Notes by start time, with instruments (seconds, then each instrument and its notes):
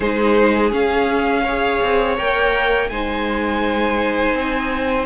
0.00 cello G#3, viola D#4, violin G#4 C5
0.71 viola C#4, cello C#4, violin F5
1.43 viola G#4, violin C#5
1.82 cello C4
2.17 cello A#3, viola A#4, violin G5
2.89 cello G#3, viola D#4, violin C5 G#5
4.34 cello C4